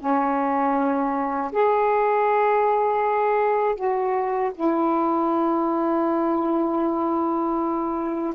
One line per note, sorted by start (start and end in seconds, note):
0.00 1.52 C#4
1.52 3.76 G#4
3.76 4.52 F#4
4.55 8.34 E4